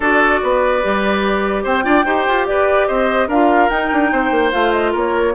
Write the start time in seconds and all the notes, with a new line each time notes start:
0.00 D4 F#4 A4 D5
0.42 B3 B4
0.82 G3 G4
1.63 C4 C5 G5
1.83 D4 F4 D5
2.05 D#4 G4 C5
2.27 F4
2.46 G4 B4 D5
2.87 C4 C5 D#5
3.27 D4 F4 A#4 F5
3.69 D#4 G5
3.93 D4
4.12 C4 C5
4.31 A#3
4.51 A3 F4 F5
4.71 D#5
4.91 A#3 A#4 C#5